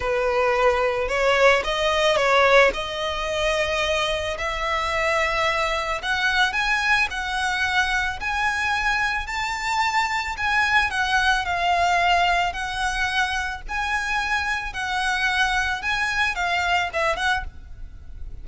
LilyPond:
\new Staff \with { instrumentName = "violin" } { \time 4/4 \tempo 4 = 110 b'2 cis''4 dis''4 | cis''4 dis''2. | e''2. fis''4 | gis''4 fis''2 gis''4~ |
gis''4 a''2 gis''4 | fis''4 f''2 fis''4~ | fis''4 gis''2 fis''4~ | fis''4 gis''4 f''4 e''8 fis''8 | }